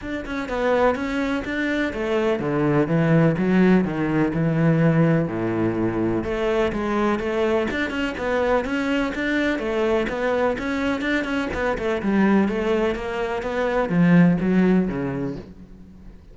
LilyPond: \new Staff \with { instrumentName = "cello" } { \time 4/4 \tempo 4 = 125 d'8 cis'8 b4 cis'4 d'4 | a4 d4 e4 fis4 | dis4 e2 a,4~ | a,4 a4 gis4 a4 |
d'8 cis'8 b4 cis'4 d'4 | a4 b4 cis'4 d'8 cis'8 | b8 a8 g4 a4 ais4 | b4 f4 fis4 cis4 | }